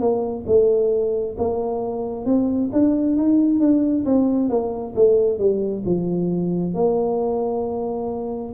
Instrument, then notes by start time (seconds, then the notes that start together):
tuba
0.00 A#3
0.47 A3
1.38 A#3
2.26 C4
2.73 D4
3.17 D#4
3.60 D4
4.06 C4
4.50 A#3
4.95 A3
5.39 G3
5.85 F3
6.74 A#3